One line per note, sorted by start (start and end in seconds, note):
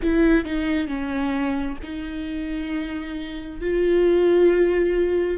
0.02 0.44 E4
0.44 0.87 D#4
0.87 1.77 C#4
1.82 3.60 D#4
3.60 5.37 F4